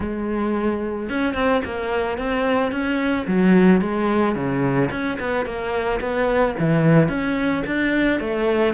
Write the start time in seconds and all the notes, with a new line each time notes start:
0.00 G#3
1.09 C#4
1.34 C4
1.64 A#3
2.18 C4
2.71 C#4
3.27 F#3
3.81 G#3
4.35 C#3
4.90 C#4
5.19 B3
5.45 A#3
6.00 B3
6.59 E3
7.08 C#4
7.66 D4
8.20 A3